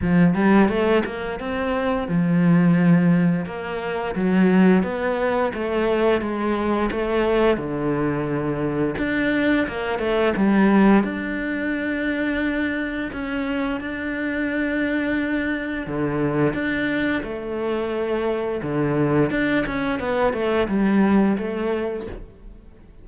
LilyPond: \new Staff \with { instrumentName = "cello" } { \time 4/4 \tempo 4 = 87 f8 g8 a8 ais8 c'4 f4~ | f4 ais4 fis4 b4 | a4 gis4 a4 d4~ | d4 d'4 ais8 a8 g4 |
d'2. cis'4 | d'2. d4 | d'4 a2 d4 | d'8 cis'8 b8 a8 g4 a4 | }